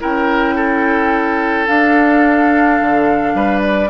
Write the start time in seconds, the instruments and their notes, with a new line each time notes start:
0.00 bassoon C#4, clarinet E4, oboe A#4, flute G5
0.55 oboe A4
1.67 clarinet D4, bassoon D4, flute F5
2.81 bassoon D3
3.34 bassoon G3, oboe B4
3.62 flute D5